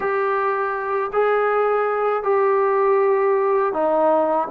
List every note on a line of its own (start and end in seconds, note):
0.00 1.10 G4
1.12 2.23 G#4
2.23 3.73 G4
3.73 4.48 D#4